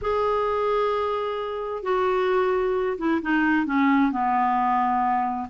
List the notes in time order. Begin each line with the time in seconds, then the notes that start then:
0.01 G#4
1.82 F#4
2.98 E4
3.22 D#4
3.66 C#4
4.11 B3